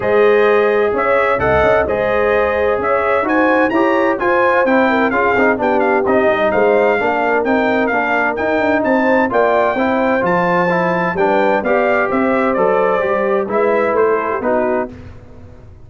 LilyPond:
<<
  \new Staff \with { instrumentName = "trumpet" } { \time 4/4 \tempo 4 = 129 dis''2 e''4 fis''4 | dis''2 e''4 gis''4 | ais''4 gis''4 g''4 f''4 | g''8 f''8 dis''4 f''2 |
g''4 f''4 g''4 a''4 | g''2 a''2 | g''4 f''4 e''4 d''4~ | d''4 e''4 c''4 b'4 | }
  \new Staff \with { instrumentName = "horn" } { \time 4/4 c''2 cis''4 dis''4 | c''2 cis''4 c''4 | cis''4 c''4. ais'8 gis'4 | g'2 c''4 ais'4~ |
ais'2. c''4 | d''4 c''2. | b'4 d''4 c''2~ | c''4 b'4~ b'16 a'8 g'16 fis'4 | }
  \new Staff \with { instrumentName = "trombone" } { \time 4/4 gis'2. a'4 | gis'2. fis'4 | g'4 f'4 e'4 f'8 dis'8 | d'4 dis'2 d'4 |
dis'4 d'4 dis'2 | f'4 e'4 f'4 e'4 | d'4 g'2 a'4 | g'4 e'2 dis'4 | }
  \new Staff \with { instrumentName = "tuba" } { \time 4/4 gis2 cis'4 c,8 cis'8 | gis2 cis'4 dis'4 | e'4 f'4 c'4 cis'8 c'8 | b4 c'8 g8 gis4 ais4 |
c'4 ais4 dis'8 d'8 c'4 | ais4 c'4 f2 | g4 b4 c'4 fis4 | g4 gis4 a4 b4 | }
>>